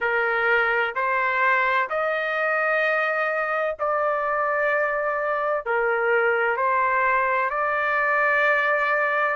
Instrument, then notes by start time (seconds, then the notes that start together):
trumpet
0.00 A#4
0.95 C5
1.89 D#5
3.79 D5
5.65 A#4
6.56 C5
7.50 D5